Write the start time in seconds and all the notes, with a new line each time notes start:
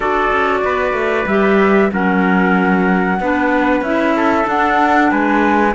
0.00 D4 F#4 A4 D5
0.31 C#4
0.64 B3 B4
0.93 A3
1.26 G3 G4 E5
1.91 F#3 C#4 A#4 F#5
3.20 B3 D4 B4
3.81 C#4 E4 E5
4.16 A4
4.44 D4 F#5
5.10 G#3 B4 G#5